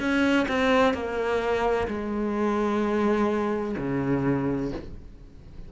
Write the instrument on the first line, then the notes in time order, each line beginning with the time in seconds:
cello
0.00 C#4
0.48 C4
0.94 A#3
1.88 G#3
3.78 C#3